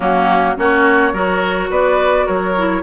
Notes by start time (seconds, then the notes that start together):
0.00 F#3 A#3 C#4 F#4
0.56 A#3 C#4 F#4 C#5
1.12 F#3 F#4 A#4
1.69 B3 B4 D5
2.25 F#3 A#4 C#5
2.57 E4